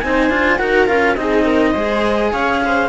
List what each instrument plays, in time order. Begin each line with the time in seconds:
0.00 cello C4 D#4, viola C5, clarinet G#5
0.29 cello D4 F4
0.58 cello D#4 F#4, viola A#4, clarinet F#5
0.86 cello C#4 F4, clarinet F5
1.15 cello C4 D#4, viola G#4, clarinet D#5
1.46 viola A#4
1.72 cello G#3 G#4, viola C5
2.32 cello C#4, viola C#5, clarinet F5
2.64 viola C5